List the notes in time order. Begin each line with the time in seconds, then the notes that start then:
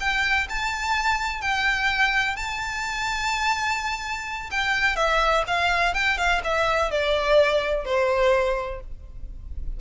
0.00 G5
0.49 A5
1.41 G5
2.36 A5
4.51 G5
4.96 E5
5.47 F5
5.94 G5
6.17 F5
6.44 E5
6.91 D5
7.85 C5